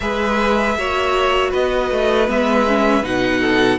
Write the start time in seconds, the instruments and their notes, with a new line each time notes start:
0.00 cello G#3, viola G#4, violin B4 E5
0.77 cello A#3, viola F#4, violin C#5
1.50 cello B3, violin B4 D#5
1.91 cello A3
2.27 cello G#3, viola B3, violin E5
2.67 viola C#4
3.01 cello B2, viola D#4, violin F#5
3.40 violin A4